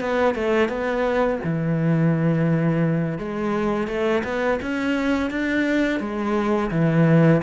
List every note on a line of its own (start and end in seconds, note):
0.00 0.35 B3
0.35 0.68 A3
0.68 1.39 B3
1.43 3.18 E3
3.18 3.87 G#3
3.87 4.23 A3
4.24 4.59 B3
4.62 5.30 C#4
5.30 6.00 D4
6.00 6.70 G#3
6.71 7.41 E3